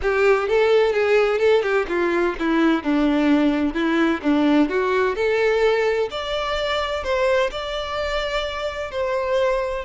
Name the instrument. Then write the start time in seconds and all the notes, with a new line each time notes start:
violin
0.01 G4
0.48 A4
0.93 G#4
1.38 A4
1.62 G4
1.88 F4
2.39 E4
2.83 D4
3.74 E4
4.22 D4
4.69 F#4
5.15 A4
6.10 D5
7.03 C5
7.51 D5
8.91 C5